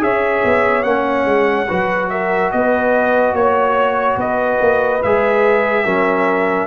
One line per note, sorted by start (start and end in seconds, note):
0.00 0.43 C#4
0.00 0.83 G#4
0.00 1.69 C#5
0.00 0.84 E5
0.44 0.84 B3
0.84 1.26 A#3
0.84 1.68 C#4
0.84 2.09 F#5
1.26 1.67 G#3
1.69 2.53 F#3
1.69 5.02 F#4
1.69 2.11 B4
2.10 2.53 A#4
2.10 2.52 E5
2.52 3.33 B3
2.52 3.37 B4
2.52 3.35 D#5
3.33 4.16 A#3
3.33 4.19 C#5
4.17 4.59 B3
4.17 5.85 B4
4.17 5.03 D#5
4.61 5.02 A#3
5.03 5.86 G#3
5.03 5.86 G#4
5.03 6.67 E5
5.85 6.67 F#3
5.85 6.67 C#4
5.85 6.67 A#4